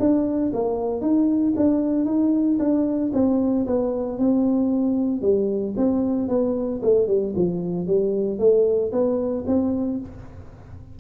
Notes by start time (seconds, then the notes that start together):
0.00 D4
0.54 A#3
1.02 D#4
1.57 D4
2.06 D#4
2.60 D4
3.14 C4
3.67 B3
4.19 C4
5.22 G3
5.77 C4
6.29 B3
6.83 A3
7.08 G3
7.36 F3
7.88 G3
8.39 A3
8.92 B3
9.47 C4